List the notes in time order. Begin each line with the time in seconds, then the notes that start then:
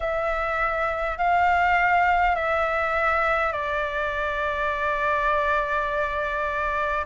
0.00 E5
1.18 F5
2.35 E5
3.52 D5